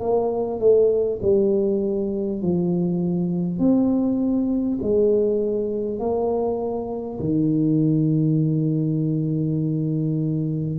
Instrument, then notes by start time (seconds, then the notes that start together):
tuba
0.00 A#3
0.59 A3
1.22 G3
2.42 F3
3.58 C4
4.82 G#3
5.99 A#3
7.19 D#3